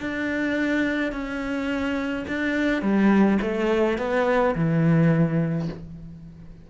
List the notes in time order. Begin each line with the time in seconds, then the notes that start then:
0.00 D4
1.12 C#4
2.28 D4
2.82 G3
3.42 A3
3.98 B3
4.55 E3